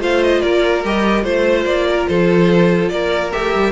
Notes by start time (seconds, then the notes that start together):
0.00 A3 F4 C5 F5
0.23 D#5
0.41 A#3 A#4 D5
0.84 G3 G4 D#5
1.23 A3 F4 C5
1.65 A#3 D5
1.89 A#4
2.08 F3 A4 C5
2.89 A#3 A#4 D5
3.32 A3 G4 E5
3.55 G3